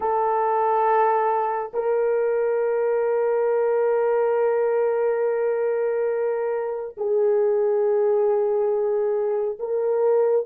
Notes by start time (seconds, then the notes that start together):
0.00 A4
1.74 A#4
6.97 G#4
9.59 A#4